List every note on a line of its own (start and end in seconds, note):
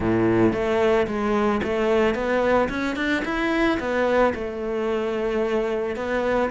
0.00 0.52 A2
0.52 1.06 A3
1.07 1.61 G#3
1.63 2.14 A3
2.14 2.68 B3
2.69 2.96 C#4
2.96 3.23 D4
3.24 3.78 E4
3.79 4.33 B3
4.34 5.96 A3
5.96 6.50 B3